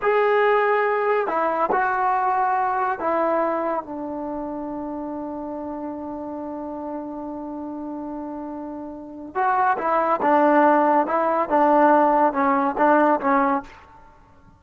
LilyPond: \new Staff \with { instrumentName = "trombone" } { \time 4/4 \tempo 4 = 141 gis'2. e'4 | fis'2. e'4~ | e'4 d'2.~ | d'1~ |
d'1~ | d'2 fis'4 e'4 | d'2 e'4 d'4~ | d'4 cis'4 d'4 cis'4 | }